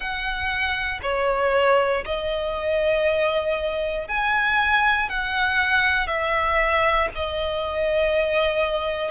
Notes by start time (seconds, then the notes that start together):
0.00 F#5
1.02 C#5
2.05 D#5
4.07 G#5
5.09 F#5
6.07 E5
7.15 D#5